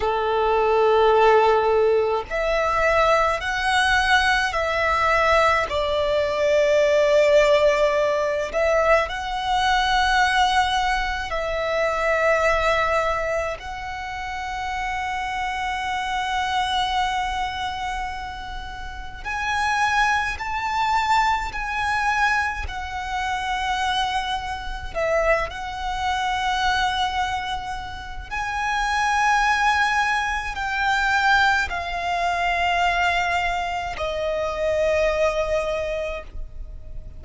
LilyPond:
\new Staff \with { instrumentName = "violin" } { \time 4/4 \tempo 4 = 53 a'2 e''4 fis''4 | e''4 d''2~ d''8 e''8 | fis''2 e''2 | fis''1~ |
fis''4 gis''4 a''4 gis''4 | fis''2 e''8 fis''4.~ | fis''4 gis''2 g''4 | f''2 dis''2 | }